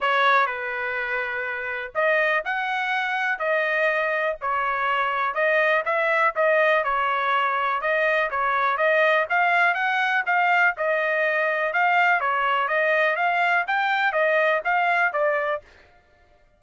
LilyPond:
\new Staff \with { instrumentName = "trumpet" } { \time 4/4 \tempo 4 = 123 cis''4 b'2. | dis''4 fis''2 dis''4~ | dis''4 cis''2 dis''4 | e''4 dis''4 cis''2 |
dis''4 cis''4 dis''4 f''4 | fis''4 f''4 dis''2 | f''4 cis''4 dis''4 f''4 | g''4 dis''4 f''4 d''4 | }